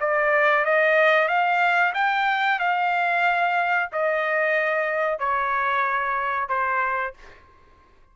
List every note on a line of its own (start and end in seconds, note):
0.00 0.65 D5
0.65 1.28 D#5
1.28 1.93 F5
1.94 2.59 G5
2.59 3.90 F5
3.92 5.19 D#5
5.19 6.48 C#5
6.48 7.14 C5